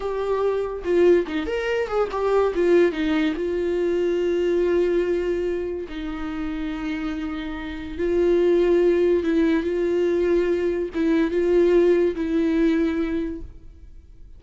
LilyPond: \new Staff \with { instrumentName = "viola" } { \time 4/4 \tempo 4 = 143 g'2 f'4 dis'8 ais'8~ | ais'8 gis'8 g'4 f'4 dis'4 | f'1~ | f'2 dis'2~ |
dis'2. f'4~ | f'2 e'4 f'4~ | f'2 e'4 f'4~ | f'4 e'2. | }